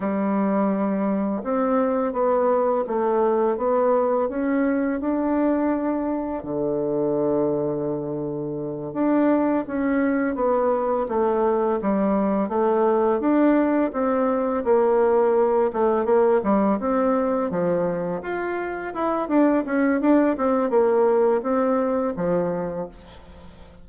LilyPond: \new Staff \with { instrumentName = "bassoon" } { \time 4/4 \tempo 4 = 84 g2 c'4 b4 | a4 b4 cis'4 d'4~ | d'4 d2.~ | d8 d'4 cis'4 b4 a8~ |
a8 g4 a4 d'4 c'8~ | c'8 ais4. a8 ais8 g8 c'8~ | c'8 f4 f'4 e'8 d'8 cis'8 | d'8 c'8 ais4 c'4 f4 | }